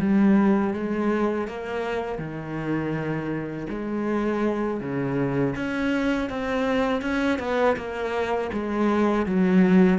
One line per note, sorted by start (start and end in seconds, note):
0.00 0.74 G3
0.74 1.48 G#3
1.48 2.19 A#3
2.19 3.67 D#3
3.70 4.81 G#3
4.81 5.55 C#3
5.56 6.30 C#4
6.30 7.02 C4
7.02 7.39 C#4
7.39 7.76 B3
7.76 8.51 A#3
8.53 9.26 G#3
9.26 9.99 F#3